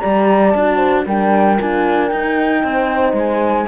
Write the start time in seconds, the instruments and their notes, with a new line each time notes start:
0.00 cello G3, horn G4 D5, flute A#5
0.50 cello D4, horn F#4, flute A5
0.77 horn C5
1.06 cello G3, horn D4 A#4, flute G5
1.58 cello D4, horn F4, flute G#5
2.08 cello D#4, horn D#4, flute G5
2.64 cello C4, horn C5
3.13 cello G#3, flute G#5